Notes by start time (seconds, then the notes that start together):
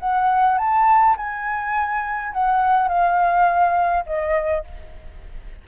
0.00 F#5
0.58 A5
1.18 G#5
2.34 F#5
2.89 F5
4.07 D#5